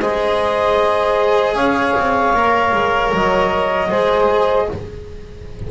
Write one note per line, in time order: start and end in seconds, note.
0.00 1.54 G#3
0.00 2.35 G#4
0.00 1.55 C5
0.00 1.55 D#5
1.54 1.93 C#4
1.54 3.89 C#5
1.54 3.11 F5
1.97 2.33 C4
2.33 2.72 A#3
2.33 3.90 A#4
2.73 3.12 G#3
3.14 3.92 F#3
3.14 4.71 D#5
3.89 4.69 G#3
3.89 4.68 G#4
3.89 4.67 C5